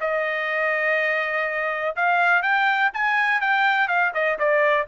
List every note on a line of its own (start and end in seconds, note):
0.00 1.95 D#5
1.96 2.42 F5
2.42 2.91 G5
2.94 3.41 G#5
3.41 3.88 G5
3.88 4.12 F5
4.14 4.38 D#5
4.38 4.87 D5